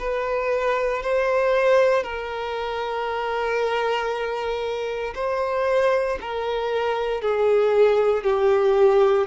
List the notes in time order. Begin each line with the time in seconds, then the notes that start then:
0.00 B4
1.03 C5
2.04 A#4
5.15 C5
6.22 A#4
7.22 G#4
8.24 G4